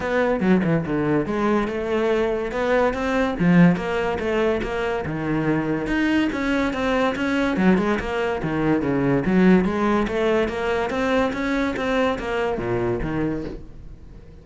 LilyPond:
\new Staff \with { instrumentName = "cello" } { \time 4/4 \tempo 4 = 143 b4 fis8 e8 d4 gis4 | a2 b4 c'4 | f4 ais4 a4 ais4 | dis2 dis'4 cis'4 |
c'4 cis'4 fis8 gis8 ais4 | dis4 cis4 fis4 gis4 | a4 ais4 c'4 cis'4 | c'4 ais4 ais,4 dis4 | }